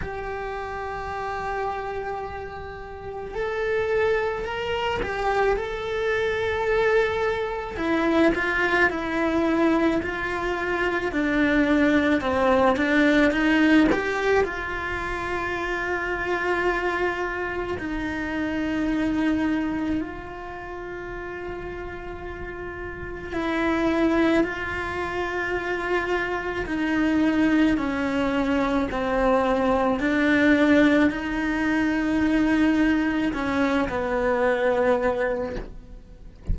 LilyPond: \new Staff \with { instrumentName = "cello" } { \time 4/4 \tempo 4 = 54 g'2. a'4 | ais'8 g'8 a'2 e'8 f'8 | e'4 f'4 d'4 c'8 d'8 | dis'8 g'8 f'2. |
dis'2 f'2~ | f'4 e'4 f'2 | dis'4 cis'4 c'4 d'4 | dis'2 cis'8 b4. | }